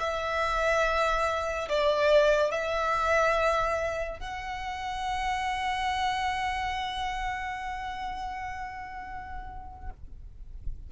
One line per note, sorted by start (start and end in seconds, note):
0.00 1.69 E5
1.69 2.52 D5
2.52 4.20 E5
4.20 9.90 F#5